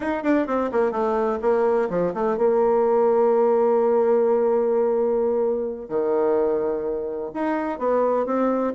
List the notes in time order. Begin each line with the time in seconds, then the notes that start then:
0.00 D#4
0.23 D4
0.47 C4
0.72 A#3
0.91 A3
1.41 A#3
1.89 F3
2.14 A3
2.37 A#3
5.88 D#3
7.34 D#4
7.78 B3
8.25 C4